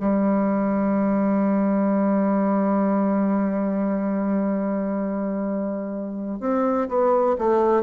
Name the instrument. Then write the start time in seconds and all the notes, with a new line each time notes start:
bassoon
0.00 G3
6.41 C4
6.88 B3
7.39 A3